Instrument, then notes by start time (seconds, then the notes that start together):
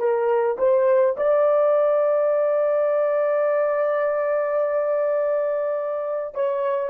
horn
0.00 A#4
0.59 C5
1.17 D5
6.35 C#5